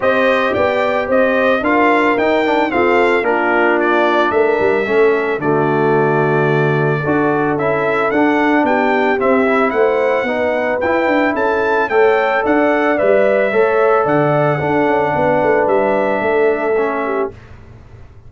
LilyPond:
<<
  \new Staff \with { instrumentName = "trumpet" } { \time 4/4 \tempo 4 = 111 dis''4 g''4 dis''4 f''4 | g''4 f''4 ais'4 d''4 | e''2 d''2~ | d''2 e''4 fis''4 |
g''4 e''4 fis''2 | g''4 a''4 g''4 fis''4 | e''2 fis''2~ | fis''4 e''2. | }
  \new Staff \with { instrumentName = "horn" } { \time 4/4 c''4 d''4 c''4 ais'4~ | ais'4 a'4 f'2 | ais'4 a'4 fis'2~ | fis'4 a'2. |
g'2 c''4 b'4~ | b'4 a'4 cis''4 d''4~ | d''4 cis''4 d''4 a'4 | b'2 a'4. g'8 | }
  \new Staff \with { instrumentName = "trombone" } { \time 4/4 g'2. f'4 | dis'8 d'8 c'4 d'2~ | d'4 cis'4 a2~ | a4 fis'4 e'4 d'4~ |
d'4 c'8 e'4. dis'4 | e'2 a'2 | b'4 a'2 d'4~ | d'2. cis'4 | }
  \new Staff \with { instrumentName = "tuba" } { \time 4/4 c'4 b4 c'4 d'4 | dis'4 f'4 ais2 | a8 g8 a4 d2~ | d4 d'4 cis'4 d'4 |
b4 c'4 a4 b4 | e'8 d'8 cis'4 a4 d'4 | g4 a4 d4 d'8 cis'8 | b8 a8 g4 a2 | }
>>